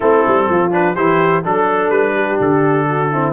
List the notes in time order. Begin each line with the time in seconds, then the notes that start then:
0.00 A3 C4 E4 A4
0.26 G3
0.49 F3 F4
0.70 D4 B4
0.95 E3 E4 G4 C5
1.43 F#3 D4 A4
1.89 G3 B4
2.14 G4
2.40 D3 A4
2.89 F#4
3.12 C4 E4